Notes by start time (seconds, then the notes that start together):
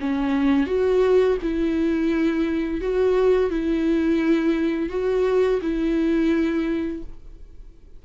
0.00 C#4
0.66 F#4
1.42 E4
2.80 F#4
3.50 E4
4.89 F#4
5.61 E4